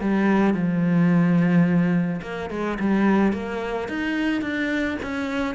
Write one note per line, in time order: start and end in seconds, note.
0.00 0.54 G3
0.54 2.20 F3
2.22 2.49 A#3
2.50 2.78 G#3
2.79 3.32 G3
3.32 3.88 A#3
3.88 4.41 D#4
4.41 4.97 D4
5.02 5.55 C#4